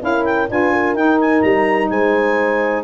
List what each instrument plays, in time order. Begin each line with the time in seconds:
0.00 tuba C#4, saxophone E4, horn A#4, clarinet F5
0.25 clarinet G5
0.50 tuba D4, saxophone F4, horn B4, clarinet G#5
0.73 horn A#4
0.94 tuba D#4, saxophone D#4, clarinet G5
1.21 clarinet G#5
1.42 tuba G3, clarinet A#5
1.90 tuba G#3, horn C5, clarinet G#5